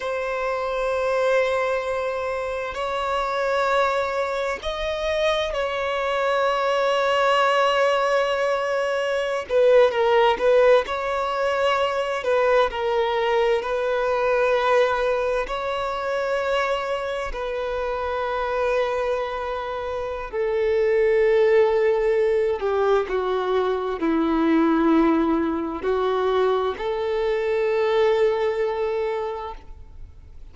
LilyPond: \new Staff \with { instrumentName = "violin" } { \time 4/4 \tempo 4 = 65 c''2. cis''4~ | cis''4 dis''4 cis''2~ | cis''2~ cis''16 b'8 ais'8 b'8 cis''16~ | cis''4~ cis''16 b'8 ais'4 b'4~ b'16~ |
b'8. cis''2 b'4~ b'16~ | b'2 a'2~ | a'8 g'8 fis'4 e'2 | fis'4 a'2. | }